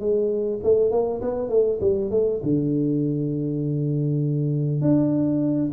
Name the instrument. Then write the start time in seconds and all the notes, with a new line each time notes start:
tuba
0.00 G#3
0.64 A3
0.91 A#3
1.22 B3
1.49 A3
1.81 G3
2.11 A3
2.43 D3
4.82 D4